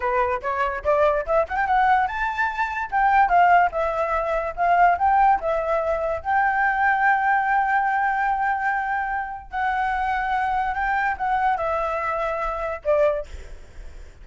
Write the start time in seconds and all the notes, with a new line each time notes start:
0.00 B4
0.42 C#5
0.84 D5
1.26 E5
1.48 F#5
1.56 G5
1.67 F#5
2.07 A5
2.91 G5
3.28 F5
3.71 E5
4.56 F5
4.98 G5
5.40 E5
6.21 G5
9.50 F#5
10.74 G5
11.17 F#5
11.57 E5
12.84 D5